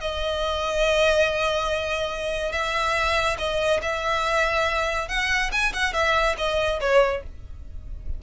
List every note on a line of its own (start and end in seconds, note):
0.00 2.52 D#5
2.52 3.36 E5
3.38 3.80 D#5
3.82 5.08 E5
5.08 5.50 F#5
5.52 5.73 G#5
5.73 5.93 F#5
5.93 6.35 E5
6.37 6.79 D#5
6.80 7.22 C#5